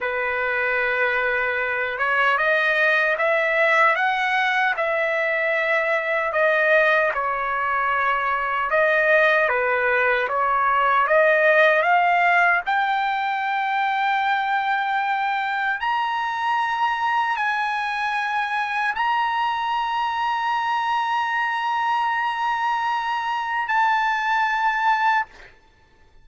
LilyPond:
\new Staff \with { instrumentName = "trumpet" } { \time 4/4 \tempo 4 = 76 b'2~ b'8 cis''8 dis''4 | e''4 fis''4 e''2 | dis''4 cis''2 dis''4 | b'4 cis''4 dis''4 f''4 |
g''1 | ais''2 gis''2 | ais''1~ | ais''2 a''2 | }